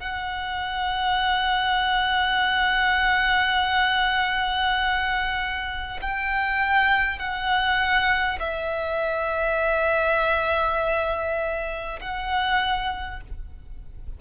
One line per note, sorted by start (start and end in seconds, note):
0.00 6.00 F#5
6.02 7.19 G5
7.19 8.39 F#5
8.40 12.00 E5
12.01 13.21 F#5